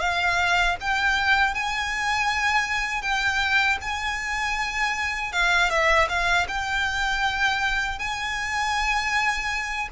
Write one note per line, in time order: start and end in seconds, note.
0.00 0.76 F5
0.80 1.54 G5
1.54 3.02 G#5
3.02 3.78 G5
3.81 5.32 G#5
5.32 5.70 F5
5.70 6.08 E5
6.09 6.47 F5
6.48 7.99 G5
7.99 9.89 G#5